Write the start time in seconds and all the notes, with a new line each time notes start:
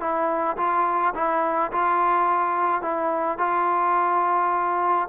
0.00 E4
0.57 F4
1.14 E4
1.72 F4
2.81 E4
3.38 F4